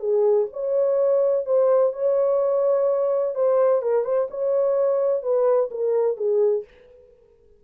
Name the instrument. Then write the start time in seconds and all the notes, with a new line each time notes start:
horn
0.00 G#4
0.53 C#5
1.46 C5
1.93 C#5
3.35 C5
3.82 A#4
4.05 C5
4.31 C#5
5.23 B4
5.71 A#4
6.17 G#4